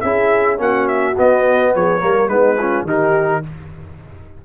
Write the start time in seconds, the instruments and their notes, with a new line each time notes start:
0.00 tuba C#4, trombone E4, horn G#4, trumpet E5
0.57 tuba A#3, trombone C#4, horn F#4, trumpet F#5
0.88 trumpet E5
1.17 trombone B3, tuba B3, trumpet D#5
1.75 tuba F3, horn G#4, trumpet C#5
1.99 tuba G3, trombone A#3, horn A#4
2.28 tuba G#3, trombone B3, horn D#4, trumpet B4
2.58 trombone C#4, horn F4
2.83 tuba D#3, trombone D#4, horn G4, trumpet A#4